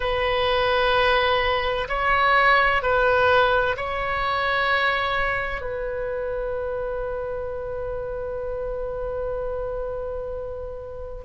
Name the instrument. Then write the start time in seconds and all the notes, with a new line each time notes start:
oboe
0.00 B4
1.88 C#5
2.82 B4
3.76 C#5
5.61 B4